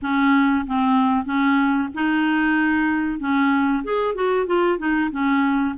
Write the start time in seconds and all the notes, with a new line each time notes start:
0.01 C#4
0.66 C4
1.25 C#4
1.94 D#4
3.19 C#4
3.84 G#4
4.14 F#4
4.46 F4
4.78 D#4
5.11 C#4